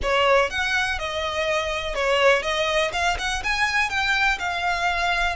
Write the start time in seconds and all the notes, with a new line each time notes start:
0.02 C#5
0.50 F#5
0.99 D#5
1.94 C#5
2.42 D#5
2.92 F5
3.18 F#5
3.43 G#5
3.89 G5
4.38 F5